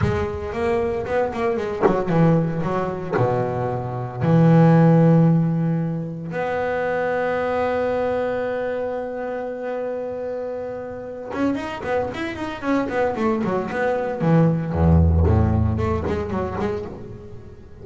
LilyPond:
\new Staff \with { instrumentName = "double bass" } { \time 4/4 \tempo 4 = 114 gis4 ais4 b8 ais8 gis8 fis8 | e4 fis4 b,2 | e1 | b1~ |
b1~ | b4. cis'8 dis'8 b8 e'8 dis'8 | cis'8 b8 a8 fis8 b4 e4 | e,4 a,4 a8 gis8 fis8 gis8 | }